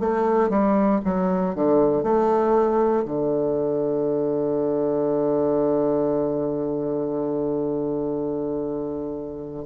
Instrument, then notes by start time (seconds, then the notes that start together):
bassoon
0.00 A3
0.49 G3
1.04 F#3
1.55 D3
2.03 A3
3.05 D3